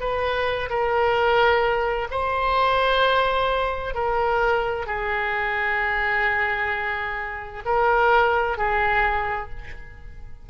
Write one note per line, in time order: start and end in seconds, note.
0.00 0.69 B4
0.70 2.08 A#4
2.11 3.94 C5
3.94 4.86 A#4
4.86 7.63 G#4
7.65 8.58 A#4
8.58 9.50 G#4